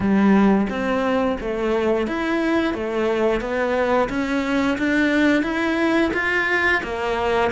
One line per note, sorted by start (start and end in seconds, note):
0.00 0.67 G3
0.69 1.37 C4
1.40 2.07 A3
2.07 2.74 E4
2.74 3.40 A3
3.40 4.08 B3
4.09 4.77 C#4
4.77 5.42 D4
5.42 6.11 E4
6.13 6.82 F4
6.83 7.51 A#3